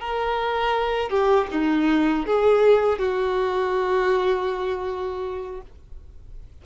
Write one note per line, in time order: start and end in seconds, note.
0.00 1.09 A#4
1.09 1.47 G4
1.51 2.26 D#4
2.26 2.99 G#4
2.99 5.61 F#4